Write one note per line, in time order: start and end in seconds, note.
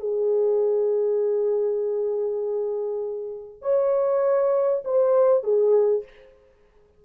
0.00 3.62 G#4
3.62 4.83 C#5
4.85 5.44 C5
5.44 6.04 G#4